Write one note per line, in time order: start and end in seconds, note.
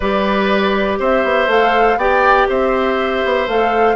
0.00 0.99 G3
0.00 1.49 G4
0.00 0.98 B4
0.00 0.97 D5
0.99 1.23 C4
0.99 1.98 C5
0.99 1.50 E5
1.23 1.47 B3
1.47 1.96 A3
1.47 1.98 A4
1.47 1.98 F5
1.97 2.46 B3
1.97 3.48 G4
1.97 2.48 D5
1.97 2.48 G5
2.48 3.23 C4
2.48 3.96 C5
2.48 3.48 E5
3.24 3.47 B3
3.47 3.96 A3
3.47 3.96 A4
3.47 3.96 F5